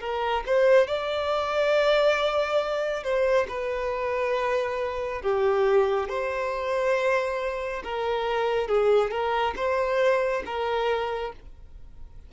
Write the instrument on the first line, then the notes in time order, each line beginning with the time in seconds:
violin
0.00 A#4
0.46 C5
0.87 D5
3.03 C5
3.48 B4
5.22 G4
6.09 C5
7.84 A#4
8.68 G#4
9.11 A#4
9.56 C5
10.45 A#4